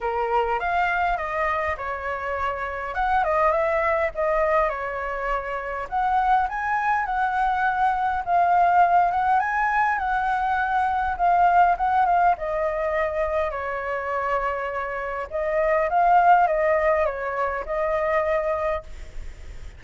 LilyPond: \new Staff \with { instrumentName = "flute" } { \time 4/4 \tempo 4 = 102 ais'4 f''4 dis''4 cis''4~ | cis''4 fis''8 dis''8 e''4 dis''4 | cis''2 fis''4 gis''4 | fis''2 f''4. fis''8 |
gis''4 fis''2 f''4 | fis''8 f''8 dis''2 cis''4~ | cis''2 dis''4 f''4 | dis''4 cis''4 dis''2 | }